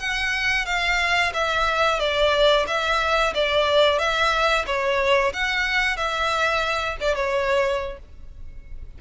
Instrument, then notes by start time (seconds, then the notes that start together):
violin
0.00 F#5
0.66 F5
1.34 E5
2.00 D5
2.67 E5
3.35 D5
3.99 E5
4.67 C#5
5.34 F#5
5.97 E5
7.01 D5
7.15 C#5